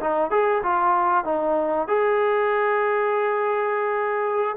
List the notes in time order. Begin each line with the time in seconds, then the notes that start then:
0.00 D#4
0.31 G#4
0.63 F4
1.25 D#4
1.88 G#4